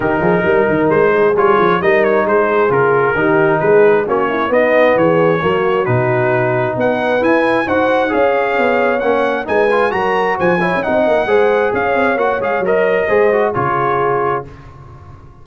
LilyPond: <<
  \new Staff \with { instrumentName = "trumpet" } { \time 4/4 \tempo 4 = 133 ais'2 c''4 cis''4 | dis''8 cis''8 c''4 ais'2 | b'4 cis''4 dis''4 cis''4~ | cis''4 b'2 fis''4 |
gis''4 fis''4 f''2 | fis''4 gis''4 ais''4 gis''4 | fis''2 f''4 fis''8 f''8 | dis''2 cis''2 | }
  \new Staff \with { instrumentName = "horn" } { \time 4/4 g'8 gis'8 ais'4. gis'4. | ais'4 gis'2 g'4 | gis'4 fis'8 e'8 dis'4 gis'4 | fis'2. b'4~ |
b'4 c''4 cis''2~ | cis''4 b'4 ais'4 c''8 cis''8 | dis''4 c''4 cis''2~ | cis''4 c''4 gis'2 | }
  \new Staff \with { instrumentName = "trombone" } { \time 4/4 dis'2. f'4 | dis'2 f'4 dis'4~ | dis'4 cis'4 b2 | ais4 dis'2. |
e'4 fis'4 gis'2 | cis'4 dis'8 f'8 fis'4. e'8 | dis'4 gis'2 fis'8 gis'8 | ais'4 gis'8 fis'8 f'2 | }
  \new Staff \with { instrumentName = "tuba" } { \time 4/4 dis8 f8 g8 dis8 gis4 g8 f8 | g4 gis4 cis4 dis4 | gis4 ais4 b4 e4 | fis4 b,2 b4 |
e'4 dis'4 cis'4 b4 | ais4 gis4 fis4 f8. cis'16 | c'8 ais8 gis4 cis'8 c'8 ais8 gis8 | fis4 gis4 cis2 | }
>>